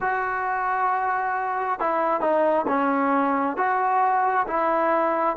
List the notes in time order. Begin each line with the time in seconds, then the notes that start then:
0.00 F#4
1.79 E4
2.21 D#4
2.67 C#4
3.57 F#4
4.47 E4